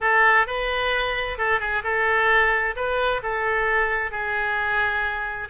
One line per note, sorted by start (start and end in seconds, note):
0.01 0.46 A4
0.46 1.37 B4
1.37 1.60 A4
1.60 1.83 G#4
1.83 2.75 A4
2.75 3.21 B4
3.22 4.11 A4
4.11 5.48 G#4